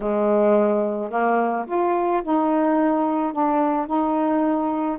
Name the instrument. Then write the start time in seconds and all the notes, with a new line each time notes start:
saxophone
0.00 G#3
1.10 A#3
1.67 F4
2.23 D#4
3.32 D4
3.87 D#4